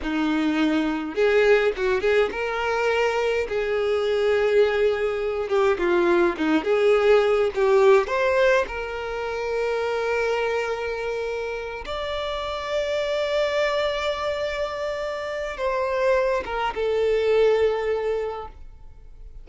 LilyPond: \new Staff \with { instrumentName = "violin" } { \time 4/4 \tempo 4 = 104 dis'2 gis'4 fis'8 gis'8 | ais'2 gis'2~ | gis'4. g'8 f'4 dis'8 gis'8~ | gis'4 g'4 c''4 ais'4~ |
ais'1~ | ais'8 d''2.~ d''8~ | d''2. c''4~ | c''8 ais'8 a'2. | }